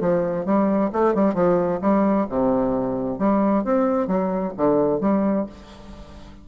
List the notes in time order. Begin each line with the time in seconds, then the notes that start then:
0.00 F3
0.45 G3
0.93 A3
1.14 G3
1.34 F3
1.81 G3
2.29 C3
3.19 G3
3.64 C4
4.07 F#3
4.57 D3
5.00 G3